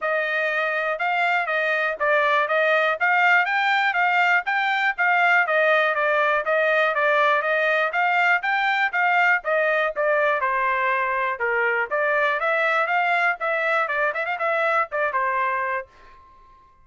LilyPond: \new Staff \with { instrumentName = "trumpet" } { \time 4/4 \tempo 4 = 121 dis''2 f''4 dis''4 | d''4 dis''4 f''4 g''4 | f''4 g''4 f''4 dis''4 | d''4 dis''4 d''4 dis''4 |
f''4 g''4 f''4 dis''4 | d''4 c''2 ais'4 | d''4 e''4 f''4 e''4 | d''8 e''16 f''16 e''4 d''8 c''4. | }